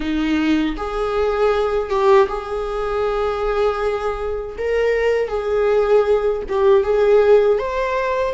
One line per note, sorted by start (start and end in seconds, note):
0.00 0.76 D#4
0.76 1.89 G#4
1.89 2.27 G4
2.28 4.56 G#4
4.58 5.28 A#4
5.28 6.42 G#4
6.48 6.84 G4
6.84 7.58 G#4
7.58 8.34 C5